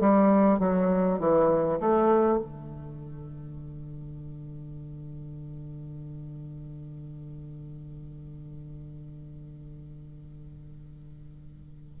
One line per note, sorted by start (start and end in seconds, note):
0.00 0.59 G3
0.59 1.19 F#3
1.19 1.79 E3
1.80 2.38 A3
2.38 11.98 D3